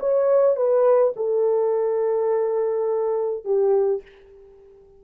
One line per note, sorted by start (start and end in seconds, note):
0.00 0.56 C#5
0.56 1.14 B4
1.16 3.45 A4
3.45 4.03 G4